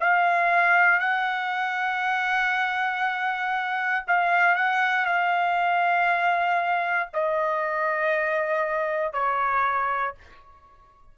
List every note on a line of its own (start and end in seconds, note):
0.00 1.00 F5
1.00 4.05 F#5
4.07 4.55 F5
4.55 5.05 F#5
5.05 7.09 F5
7.13 9.13 D#5
9.13 10.15 C#5